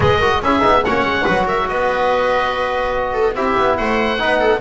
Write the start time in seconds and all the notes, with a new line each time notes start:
0.00 G#3 G#4 B4 D#5
0.17 F#4 A#4
0.41 C#4 E4 G#4 E5
0.60 B3 D#4
0.84 A#3 C#4 C#5 F#5
1.02 G#3
1.24 F#3 F#4 B4
1.45 A#4 E5
1.68 B3 B4 D#5
3.13 A4
3.34 C4 E4 G4 E5
3.58 B3
3.77 A3 C5 F#5
4.18 B3 D#4 B4
4.39 A4